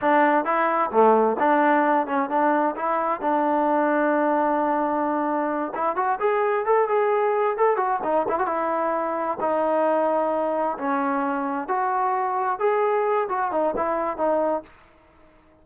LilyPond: \new Staff \with { instrumentName = "trombone" } { \time 4/4 \tempo 4 = 131 d'4 e'4 a4 d'4~ | d'8 cis'8 d'4 e'4 d'4~ | d'1~ | d'8 e'8 fis'8 gis'4 a'8 gis'4~ |
gis'8 a'8 fis'8 dis'8 e'16 fis'16 e'4.~ | e'8 dis'2. cis'8~ | cis'4. fis'2 gis'8~ | gis'4 fis'8 dis'8 e'4 dis'4 | }